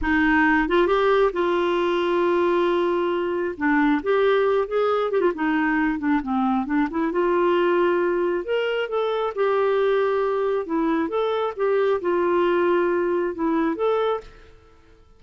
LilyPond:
\new Staff \with { instrumentName = "clarinet" } { \time 4/4 \tempo 4 = 135 dis'4. f'8 g'4 f'4~ | f'1 | d'4 g'4. gis'4 g'16 f'16 | dis'4. d'8 c'4 d'8 e'8 |
f'2. ais'4 | a'4 g'2. | e'4 a'4 g'4 f'4~ | f'2 e'4 a'4 | }